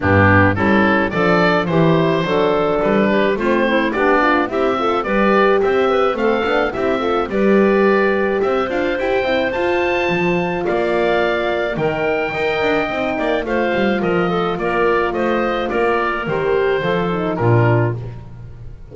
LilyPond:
<<
  \new Staff \with { instrumentName = "oboe" } { \time 4/4 \tempo 4 = 107 g'4 a'4 d''4 c''4~ | c''4 b'4 c''4 d''4 | e''4 d''4 e''4 f''4 | e''4 d''2 e''8 f''8 |
g''4 a''2 f''4~ | f''4 g''2. | f''4 dis''4 d''4 dis''4 | d''4 c''2 ais'4 | }
  \new Staff \with { instrumentName = "clarinet" } { \time 4/4 d'4 e'4 a'4 g'4 | a'4. g'8 f'8 e'8 d'4 | g'8 a'8 b'4 c''8 b'8 a'4 | g'8 a'8 b'2 c''4~ |
c''2. d''4~ | d''4 ais'4 dis''4. d''8 | c''4 ais'8 a'8 ais'4 c''4 | ais'2 a'4 f'4 | }
  \new Staff \with { instrumentName = "horn" } { \time 4/4 b4 cis'4 d'4 e'4 | d'2 c'4 g'8 f'8 | e'8 f'8 g'2 c'8 d'8 | e'8 f'8 g'2~ g'8 f'8 |
g'8 e'8 f'2.~ | f'4 dis'4 ais'4 dis'4 | f'1~ | f'4 g'4 f'8 dis'8 d'4 | }
  \new Staff \with { instrumentName = "double bass" } { \time 4/4 g,4 g4 f4 e4 | fis4 g4 a4 b4 | c'4 g4 c'4 a8 b8 | c'4 g2 c'8 d'8 |
e'8 c'8 f'4 f4 ais4~ | ais4 dis4 dis'8 d'8 c'8 ais8 | a8 g8 f4 ais4 a4 | ais4 dis4 f4 ais,4 | }
>>